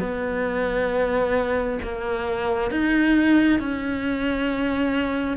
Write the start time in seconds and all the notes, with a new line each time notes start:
0.00 B3
1.83 A#3
2.72 D#4
3.60 C#4